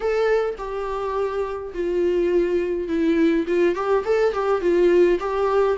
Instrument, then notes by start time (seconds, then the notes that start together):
viola
0.00 A4
0.58 G4
1.73 F4
2.88 E4
3.47 F4
3.75 G4
4.04 A4
4.33 G4
4.61 F4
5.19 G4